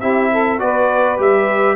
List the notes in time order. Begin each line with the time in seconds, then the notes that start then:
0.00 C4 E4 G4 E5
0.32 A4
0.59 B3 F#4 B4 D5
1.17 G3 G4 E5